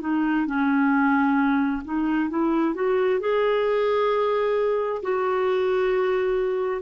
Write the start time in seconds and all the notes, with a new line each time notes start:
0.00 D#4
0.45 C#4
1.84 D#4
2.29 E4
2.74 F#4
3.20 G#4
5.02 F#4